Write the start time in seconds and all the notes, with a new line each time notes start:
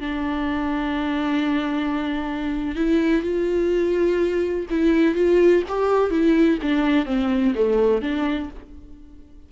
0.00 D4
2.75 E4
3.22 F4
4.70 E4
5.15 F4
5.69 G4
6.10 E4
6.62 D4
7.06 C4
7.55 A3
8.02 D4